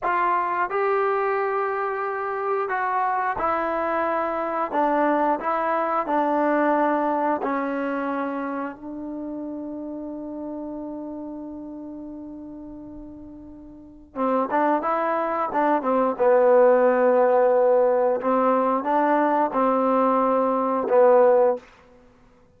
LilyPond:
\new Staff \with { instrumentName = "trombone" } { \time 4/4 \tempo 4 = 89 f'4 g'2. | fis'4 e'2 d'4 | e'4 d'2 cis'4~ | cis'4 d'2.~ |
d'1~ | d'4 c'8 d'8 e'4 d'8 c'8 | b2. c'4 | d'4 c'2 b4 | }